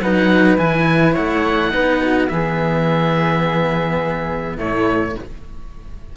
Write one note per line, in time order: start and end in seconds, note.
0.00 0.57 F#3
0.00 0.58 D#4
0.00 1.13 B4
0.00 0.58 F#5
0.58 1.16 E3
0.58 1.71 E4
0.58 1.15 G#5
1.13 1.74 A3
1.13 1.70 C#5
1.13 2.28 F#5
1.71 2.30 B3
1.71 2.28 D#4
1.71 2.01 B4
2.01 2.30 F#4
2.28 4.57 E3
2.28 4.58 B3
2.28 4.56 G#4
2.28 4.56 E5
4.56 5.14 A2
4.56 5.15 A3
4.56 5.13 E4
4.56 5.16 C#5